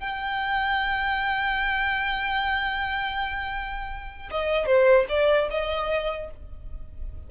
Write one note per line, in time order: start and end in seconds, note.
0.00 4.30 G5
4.31 4.67 D#5
4.67 5.07 C5
5.09 5.49 D5
5.51 6.31 D#5